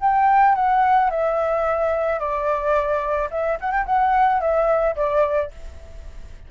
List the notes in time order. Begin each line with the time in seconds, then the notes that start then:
0.00 G5
0.55 F#5
1.10 E5
2.19 D5
3.31 E5
3.60 F#5
3.71 G5
3.86 F#5
4.40 E5
4.96 D5